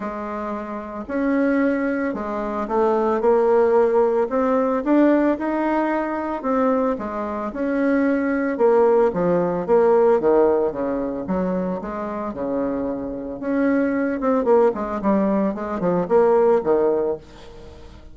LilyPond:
\new Staff \with { instrumentName = "bassoon" } { \time 4/4 \tempo 4 = 112 gis2 cis'2 | gis4 a4 ais2 | c'4 d'4 dis'2 | c'4 gis4 cis'2 |
ais4 f4 ais4 dis4 | cis4 fis4 gis4 cis4~ | cis4 cis'4. c'8 ais8 gis8 | g4 gis8 f8 ais4 dis4 | }